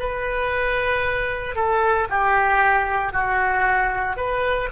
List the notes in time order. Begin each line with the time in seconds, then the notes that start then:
0.00 B4
1.56 A4
2.10 G4
3.13 F#4
4.17 B4